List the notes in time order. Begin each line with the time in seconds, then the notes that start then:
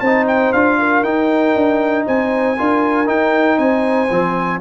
0.00 C4 C5 A5
0.06 D#4
0.28 G5
0.53 D4 F4 F5
0.79 A#4
1.03 D#4 G5
1.55 D4
2.06 C4 C5 G#5
2.57 D4 F4 A#4
3.06 D#4 G5
3.57 C4 C5 G#5
4.10 F3 C4